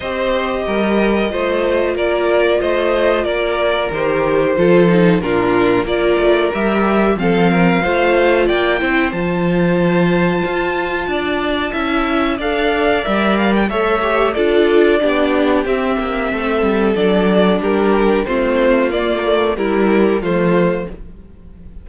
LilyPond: <<
  \new Staff \with { instrumentName = "violin" } { \time 4/4 \tempo 4 = 92 dis''2. d''4 | dis''4 d''4 c''2 | ais'4 d''4 e''4 f''4~ | f''4 g''4 a''2~ |
a''2. f''4 | e''8 f''16 g''16 e''4 d''2 | e''2 d''4 ais'4 | c''4 d''4 ais'4 c''4 | }
  \new Staff \with { instrumentName = "violin" } { \time 4/4 c''4 ais'4 c''4 ais'4 | c''4 ais'2 a'4 | f'4 ais'2 a'8 ais'8 | c''4 d''8 c''2~ c''8~ |
c''4 d''4 e''4 d''4~ | d''4 cis''4 a'4 g'4~ | g'4 a'2 g'4 | f'2 e'4 f'4 | }
  \new Staff \with { instrumentName = "viola" } { \time 4/4 g'2 f'2~ | f'2 g'4 f'8 dis'8 | d'4 f'4 g'4 c'4 | f'4. e'8 f'2~ |
f'2 e'4 a'4 | ais'4 a'8 g'8 f'4 d'4 | c'2 d'2 | c'4 ais8 a8 g4 a4 | }
  \new Staff \with { instrumentName = "cello" } { \time 4/4 c'4 g4 a4 ais4 | a4 ais4 dis4 f4 | ais,4 ais8 a8 g4 f4 | a4 ais8 c'8 f2 |
f'4 d'4 cis'4 d'4 | g4 a4 d'4 b4 | c'8 ais8 a8 g8 fis4 g4 | a4 ais4 g4 f4 | }
>>